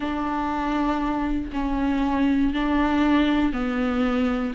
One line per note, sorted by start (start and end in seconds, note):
0.00 1.51 D4
1.52 2.53 C#4
2.53 3.52 D4
3.52 4.53 B3